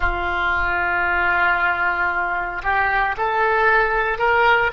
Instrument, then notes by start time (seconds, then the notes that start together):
oboe
0.00 F4
2.63 G4
3.17 A4
4.18 A#4